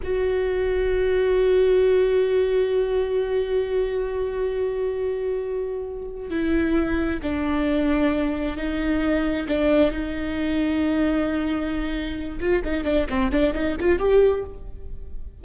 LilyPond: \new Staff \with { instrumentName = "viola" } { \time 4/4 \tempo 4 = 133 fis'1~ | fis'1~ | fis'1~ | fis'2 e'2 |
d'2. dis'4~ | dis'4 d'4 dis'2~ | dis'2.~ dis'8 f'8 | dis'8 d'8 c'8 d'8 dis'8 f'8 g'4 | }